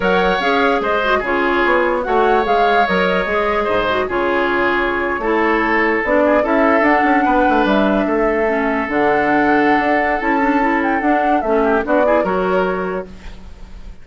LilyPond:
<<
  \new Staff \with { instrumentName = "flute" } { \time 4/4 \tempo 4 = 147 fis''4 f''4 dis''4 cis''4~ | cis''4 fis''4 f''4 dis''4~ | dis''2 cis''2~ | cis''2~ cis''8. d''4 e''16~ |
e''8. fis''2 e''4~ e''16~ | e''4.~ e''16 fis''2~ fis''16~ | fis''4 a''4. g''8 fis''4 | e''4 d''4 cis''2 | }
  \new Staff \with { instrumentName = "oboe" } { \time 4/4 cis''2 c''4 gis'4~ | gis'4 cis''2.~ | cis''4 c''4 gis'2~ | gis'8. a'2~ a'8 gis'8 a'16~ |
a'4.~ a'16 b'2 a'16~ | a'1~ | a'1~ | a'8 g'8 fis'8 gis'8 ais'2 | }
  \new Staff \with { instrumentName = "clarinet" } { \time 4/4 ais'4 gis'4. fis'8 f'4~ | f'4 fis'4 gis'4 ais'4 | gis'4. fis'8 f'2~ | f'8. e'2 d'4 e'16~ |
e'8. d'2.~ d'16~ | d'8. cis'4 d'2~ d'16~ | d'4 e'8 d'8 e'4 d'4 | cis'4 d'8 e'8 fis'2 | }
  \new Staff \with { instrumentName = "bassoon" } { \time 4/4 fis4 cis'4 gis4 cis4 | b4 a4 gis4 fis4 | gis4 gis,4 cis2~ | cis8. a2 b4 cis'16~ |
cis'8. d'8 cis'8 b8 a8 g4 a16~ | a4.~ a16 d2~ d16 | d'4 cis'2 d'4 | a4 b4 fis2 | }
>>